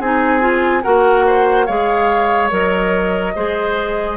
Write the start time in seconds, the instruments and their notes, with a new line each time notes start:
0.00 bassoon C4, clarinet D#4, oboe G#4, flute G#5
0.40 clarinet F4
0.82 bassoon A#3, clarinet F#4, oboe A#4, flute F#5
1.26 oboe C5
1.65 bassoon G#3, clarinet G#4, oboe C#5, flute F5
2.50 bassoon F#3, clarinet A#4, flute D#5
3.35 bassoon G#3, clarinet G#4, oboe C5